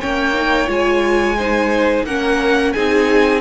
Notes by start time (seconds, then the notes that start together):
0.00 A#3 C#4 C#5 G5
0.34 D#4
0.67 G#3 F4 G#5
1.37 D#4 C5
2.04 A#3 C#4 A#4 F#5
2.72 C4 D#4 G#4 G#5